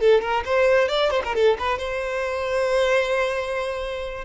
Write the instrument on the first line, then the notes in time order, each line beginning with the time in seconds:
violin
0.00 A4
0.21 A#4
0.45 C5
0.88 D5
1.11 C5
1.24 A#4
1.35 A4
1.59 B4
1.78 C5